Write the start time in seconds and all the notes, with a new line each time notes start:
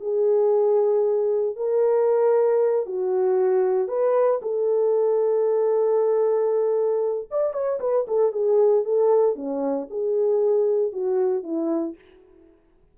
0.00 G#4
1.56 A#4
2.86 F#4
3.88 B4
4.42 A4
7.31 D5
7.53 C#5
7.80 B4
8.08 A4
8.32 G#4
8.85 A4
9.36 C#4
9.90 G#4
10.93 F#4
11.43 E4